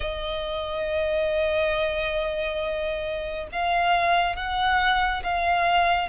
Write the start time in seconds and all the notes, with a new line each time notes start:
0.00 D#5
3.52 F5
4.36 F#5
5.23 F5